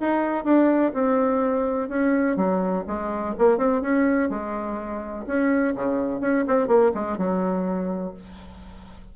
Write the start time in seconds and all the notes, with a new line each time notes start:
0.00 D#4
0.45 D4
0.94 C4
1.89 C#4
2.36 F#3
2.87 G#3
3.39 A#3
3.58 C4
3.82 C#4
4.30 G#3
5.27 C#4
5.75 C#3
6.21 C#4
6.48 C4
6.68 A#3
6.95 G#3
7.18 F#3